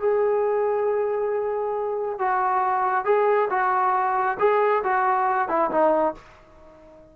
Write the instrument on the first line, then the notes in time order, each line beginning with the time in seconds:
trombone
0.00 G#4
2.19 F#4
3.05 G#4
3.50 F#4
4.39 G#4
4.84 F#4
5.49 E4
5.71 D#4